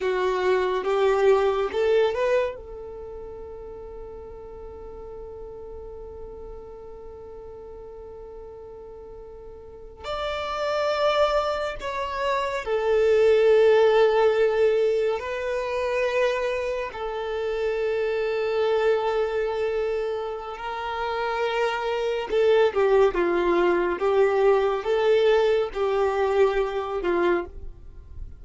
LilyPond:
\new Staff \with { instrumentName = "violin" } { \time 4/4 \tempo 4 = 70 fis'4 g'4 a'8 b'8 a'4~ | a'1~ | a'2.~ a'8. d''16~ | d''4.~ d''16 cis''4 a'4~ a'16~ |
a'4.~ a'16 b'2 a'16~ | a'1 | ais'2 a'8 g'8 f'4 | g'4 a'4 g'4. f'8 | }